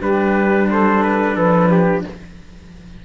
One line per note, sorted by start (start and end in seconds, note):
0.00 1.36 G3
0.00 2.05 D4
0.00 0.68 G4
0.00 0.69 B4
0.69 1.35 A4
0.69 1.03 C5
1.03 1.36 B4
1.35 2.04 F3
1.35 1.70 A4
1.35 2.03 B4
1.71 2.05 G4